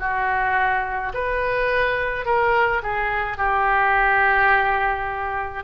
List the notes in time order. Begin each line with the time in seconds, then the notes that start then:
0.00 F#4
1.14 B4
2.26 A#4
2.83 G#4
3.38 G4